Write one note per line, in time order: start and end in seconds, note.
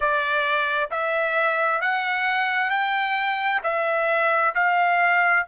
0.00 0.90 D5
0.90 1.81 E5
1.81 2.70 F#5
2.70 3.61 G5
3.63 4.54 E5
4.55 5.45 F5